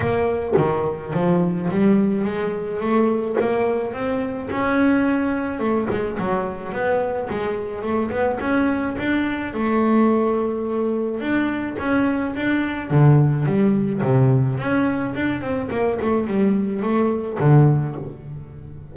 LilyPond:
\new Staff \with { instrumentName = "double bass" } { \time 4/4 \tempo 4 = 107 ais4 dis4 f4 g4 | gis4 a4 ais4 c'4 | cis'2 a8 gis8 fis4 | b4 gis4 a8 b8 cis'4 |
d'4 a2. | d'4 cis'4 d'4 d4 | g4 c4 cis'4 d'8 c'8 | ais8 a8 g4 a4 d4 | }